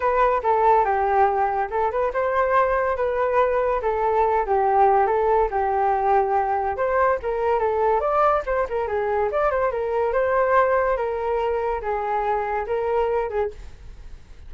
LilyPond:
\new Staff \with { instrumentName = "flute" } { \time 4/4 \tempo 4 = 142 b'4 a'4 g'2 | a'8 b'8 c''2 b'4~ | b'4 a'4. g'4. | a'4 g'2. |
c''4 ais'4 a'4 d''4 | c''8 ais'8 gis'4 d''8 c''8 ais'4 | c''2 ais'2 | gis'2 ais'4. gis'8 | }